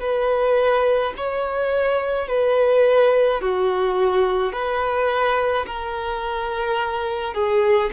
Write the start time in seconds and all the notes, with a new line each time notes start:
0.00 B4
1.17 C#5
2.28 B4
3.41 F#4
4.52 B4
5.67 A#4
7.34 G#4